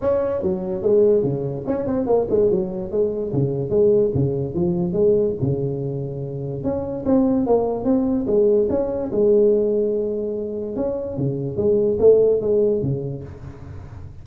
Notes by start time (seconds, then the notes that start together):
0.01 C#4
0.42 F#3
0.82 G#3
1.23 C#3
1.66 C#4
1.86 C4
2.06 A#3
2.30 G#3
2.51 F#3
2.91 G#3
3.32 C#3
3.70 G#3
4.14 C#3
4.54 F3
4.92 G#3
5.41 C#3
6.63 C#4
7.05 C4
7.46 A#3
7.84 C4
8.26 G#3
8.69 C#4
9.11 G#3
10.76 C#4
11.17 C#3
11.56 G#3
11.99 A3
12.41 G#3
12.82 C#3